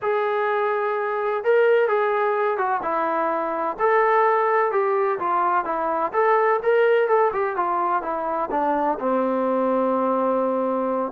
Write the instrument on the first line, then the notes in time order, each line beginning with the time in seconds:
trombone
0.02 G#4
1.44 A#4
1.88 G#4
2.57 F#4
2.82 E4
3.79 A4
4.71 G4
5.19 F4
5.64 E4
6.12 A4
6.62 A#4
7.08 A4
7.32 G4
7.56 F4
8.02 E4
8.51 D4
8.99 C4